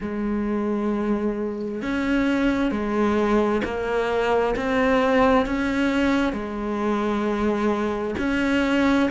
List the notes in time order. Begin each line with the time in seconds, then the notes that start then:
0.00 G#3
1.82 C#4
2.71 G#3
3.64 A#3
4.55 C4
5.45 C#4
6.33 G#3
8.18 C#4